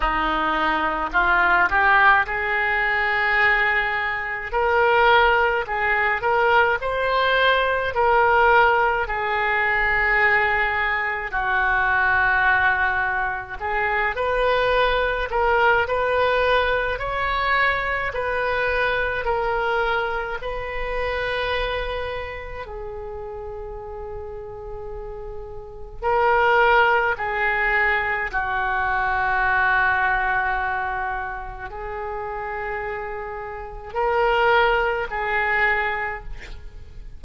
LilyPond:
\new Staff \with { instrumentName = "oboe" } { \time 4/4 \tempo 4 = 53 dis'4 f'8 g'8 gis'2 | ais'4 gis'8 ais'8 c''4 ais'4 | gis'2 fis'2 | gis'8 b'4 ais'8 b'4 cis''4 |
b'4 ais'4 b'2 | gis'2. ais'4 | gis'4 fis'2. | gis'2 ais'4 gis'4 | }